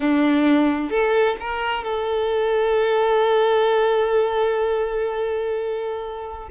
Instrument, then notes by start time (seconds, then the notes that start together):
violin
0.00 D4
0.90 A4
1.40 A#4
1.84 A4